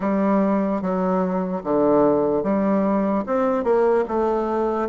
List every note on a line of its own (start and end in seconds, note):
0.00 0.81 G3
0.81 1.62 F#3
1.63 2.43 D3
2.43 3.24 G3
3.26 3.63 C4
3.63 4.04 A#3
4.08 4.89 A3